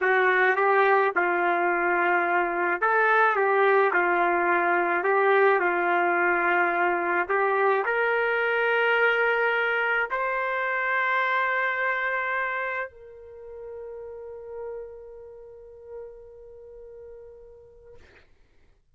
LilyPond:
\new Staff \with { instrumentName = "trumpet" } { \time 4/4 \tempo 4 = 107 fis'4 g'4 f'2~ | f'4 a'4 g'4 f'4~ | f'4 g'4 f'2~ | f'4 g'4 ais'2~ |
ais'2 c''2~ | c''2. ais'4~ | ais'1~ | ais'1 | }